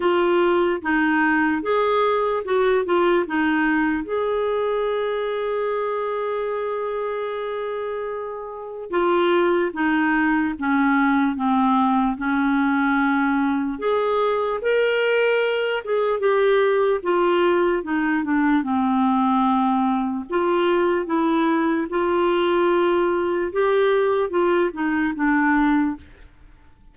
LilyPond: \new Staff \with { instrumentName = "clarinet" } { \time 4/4 \tempo 4 = 74 f'4 dis'4 gis'4 fis'8 f'8 | dis'4 gis'2.~ | gis'2. f'4 | dis'4 cis'4 c'4 cis'4~ |
cis'4 gis'4 ais'4. gis'8 | g'4 f'4 dis'8 d'8 c'4~ | c'4 f'4 e'4 f'4~ | f'4 g'4 f'8 dis'8 d'4 | }